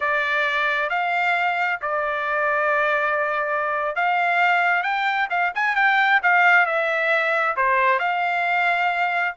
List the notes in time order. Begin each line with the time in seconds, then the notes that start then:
0.00 D5
0.89 F5
1.81 D5
3.95 F5
4.82 G5
5.30 F5
5.54 G#5
5.75 G5
6.23 F5
6.65 E5
7.56 C5
7.99 F5